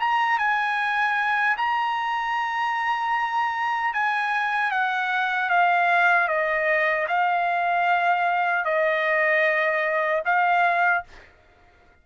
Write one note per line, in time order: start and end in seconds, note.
0.00 0.39 A#5
0.39 1.57 G#5
1.58 3.94 A#5
3.94 4.72 G#5
4.72 5.50 F#5
5.50 6.28 F5
6.28 7.07 D#5
7.08 8.65 F5
8.65 10.23 D#5
10.26 11.05 F5